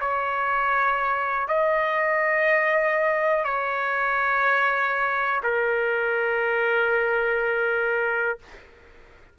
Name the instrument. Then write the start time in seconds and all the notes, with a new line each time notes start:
trumpet
0.00 C#5
1.48 D#5
3.44 C#5
5.43 A#4